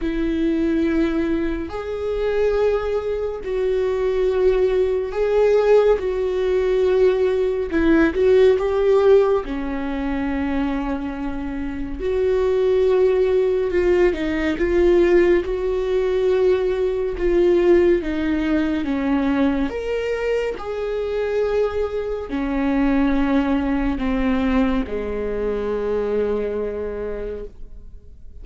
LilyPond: \new Staff \with { instrumentName = "viola" } { \time 4/4 \tempo 4 = 70 e'2 gis'2 | fis'2 gis'4 fis'4~ | fis'4 e'8 fis'8 g'4 cis'4~ | cis'2 fis'2 |
f'8 dis'8 f'4 fis'2 | f'4 dis'4 cis'4 ais'4 | gis'2 cis'2 | c'4 gis2. | }